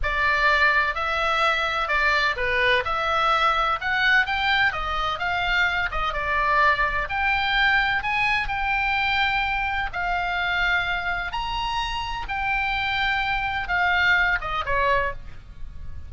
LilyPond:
\new Staff \with { instrumentName = "oboe" } { \time 4/4 \tempo 4 = 127 d''2 e''2 | d''4 b'4 e''2 | fis''4 g''4 dis''4 f''4~ | f''8 dis''8 d''2 g''4~ |
g''4 gis''4 g''2~ | g''4 f''2. | ais''2 g''2~ | g''4 f''4. dis''8 cis''4 | }